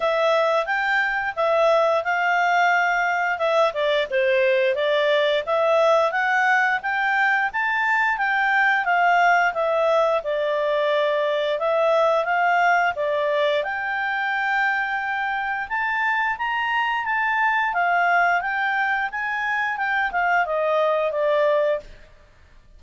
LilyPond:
\new Staff \with { instrumentName = "clarinet" } { \time 4/4 \tempo 4 = 88 e''4 g''4 e''4 f''4~ | f''4 e''8 d''8 c''4 d''4 | e''4 fis''4 g''4 a''4 | g''4 f''4 e''4 d''4~ |
d''4 e''4 f''4 d''4 | g''2. a''4 | ais''4 a''4 f''4 g''4 | gis''4 g''8 f''8 dis''4 d''4 | }